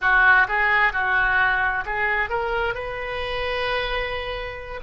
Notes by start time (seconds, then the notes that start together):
0.01 F#4
0.48 G#4
0.93 F#4
1.85 G#4
2.29 A#4
2.74 B4